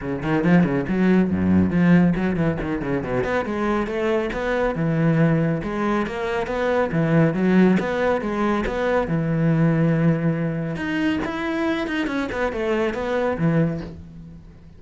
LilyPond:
\new Staff \with { instrumentName = "cello" } { \time 4/4 \tempo 4 = 139 cis8 dis8 f8 cis8 fis4 fis,4 | f4 fis8 e8 dis8 cis8 b,8 b8 | gis4 a4 b4 e4~ | e4 gis4 ais4 b4 |
e4 fis4 b4 gis4 | b4 e2.~ | e4 dis'4 e'4. dis'8 | cis'8 b8 a4 b4 e4 | }